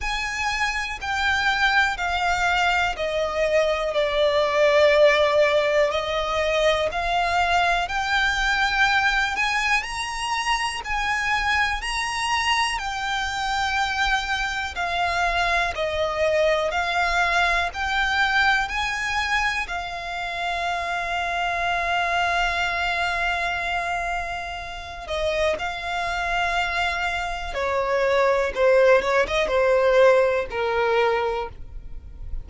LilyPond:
\new Staff \with { instrumentName = "violin" } { \time 4/4 \tempo 4 = 61 gis''4 g''4 f''4 dis''4 | d''2 dis''4 f''4 | g''4. gis''8 ais''4 gis''4 | ais''4 g''2 f''4 |
dis''4 f''4 g''4 gis''4 | f''1~ | f''4. dis''8 f''2 | cis''4 c''8 cis''16 dis''16 c''4 ais'4 | }